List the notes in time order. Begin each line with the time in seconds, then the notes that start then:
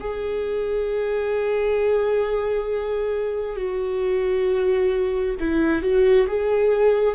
0.00 G#4
3.56 F#4
5.39 E4
5.82 F#4
6.27 G#4